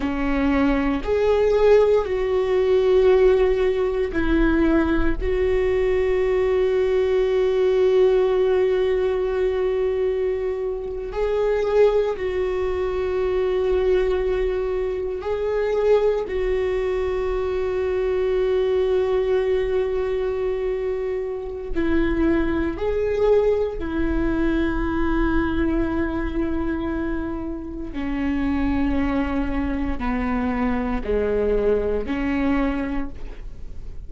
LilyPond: \new Staff \with { instrumentName = "viola" } { \time 4/4 \tempo 4 = 58 cis'4 gis'4 fis'2 | e'4 fis'2.~ | fis'2~ fis'8. gis'4 fis'16~ | fis'2~ fis'8. gis'4 fis'16~ |
fis'1~ | fis'4 e'4 gis'4 e'4~ | e'2. cis'4~ | cis'4 b4 gis4 cis'4 | }